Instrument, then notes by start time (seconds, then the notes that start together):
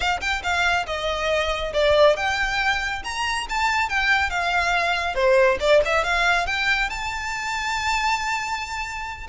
violin
0.00 F5
0.20 G5
0.43 F5
0.86 D#5
1.73 D5
2.16 G5
3.04 A#5
3.49 A5
3.89 G5
4.30 F5
5.15 C5
5.60 D5
5.85 E5
6.04 F5
6.46 G5
6.89 A5